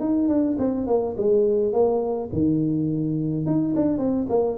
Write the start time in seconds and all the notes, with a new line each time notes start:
0.00 D#4
0.28 D4
0.58 C4
0.87 A#3
1.17 G#3
1.73 A#3
2.32 D#3
3.46 D#4
3.76 D4
3.98 C4
4.29 A#3